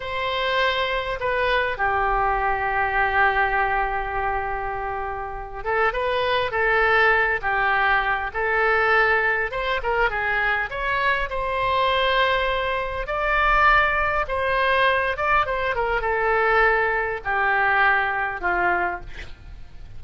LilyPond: \new Staff \with { instrumentName = "oboe" } { \time 4/4 \tempo 4 = 101 c''2 b'4 g'4~ | g'1~ | g'4. a'8 b'4 a'4~ | a'8 g'4. a'2 |
c''8 ais'8 gis'4 cis''4 c''4~ | c''2 d''2 | c''4. d''8 c''8 ais'8 a'4~ | a'4 g'2 f'4 | }